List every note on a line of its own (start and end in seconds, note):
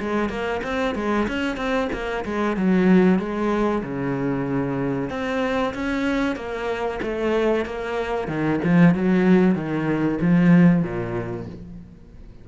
0.00 0.29 G#3
0.29 0.61 A#3
0.64 0.95 C4
0.95 1.27 G#3
1.28 1.57 C#4
1.57 1.89 C4
1.93 2.25 A#3
2.25 2.56 G#3
2.56 3.19 F#3
3.19 3.83 G#3
3.83 5.10 C#3
5.10 5.74 C4
5.74 6.36 C#4
6.36 7.00 A#3
7.02 7.65 A3
7.65 8.28 A#3
8.28 8.60 D#3
8.64 8.95 F3
8.95 9.55 F#3
9.55 10.19 D#3
10.21 10.83 F3
10.83 11.47 A#2